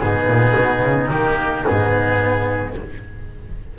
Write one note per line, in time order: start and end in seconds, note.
0.00 0.27 G#2
0.00 1.10 B3
0.00 2.78 D#4
0.00 1.10 G#4
0.27 0.55 A#2
0.57 0.82 B2
0.82 1.10 C#3
1.10 1.66 D#3
1.10 1.65 A#3
1.10 1.66 G4
1.65 2.79 G#2
1.65 2.75 B3
1.65 2.76 G#4